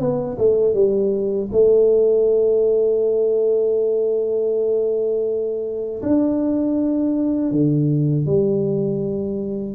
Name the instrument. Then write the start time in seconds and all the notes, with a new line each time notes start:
tuba
0.00 B3
0.38 A3
0.74 G3
1.52 A3
6.02 D4
7.51 D3
8.26 G3